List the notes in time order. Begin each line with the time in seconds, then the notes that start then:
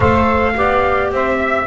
0.00 A3 A4 C5 F5
0.55 B3 G4 D5
1.11 C4 C5 E5
1.38 E5